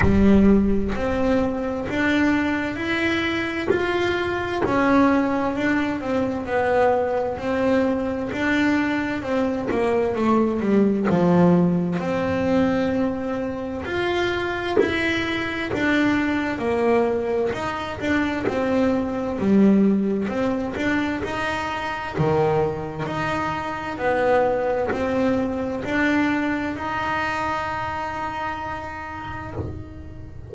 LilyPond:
\new Staff \with { instrumentName = "double bass" } { \time 4/4 \tempo 4 = 65 g4 c'4 d'4 e'4 | f'4 cis'4 d'8 c'8 b4 | c'4 d'4 c'8 ais8 a8 g8 | f4 c'2 f'4 |
e'4 d'4 ais4 dis'8 d'8 | c'4 g4 c'8 d'8 dis'4 | dis4 dis'4 b4 c'4 | d'4 dis'2. | }